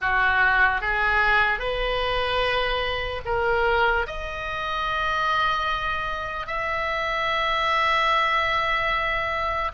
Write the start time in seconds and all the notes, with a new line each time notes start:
0.01 F#4
0.81 G#4
1.59 B4
3.25 A#4
4.07 D#5
6.46 E5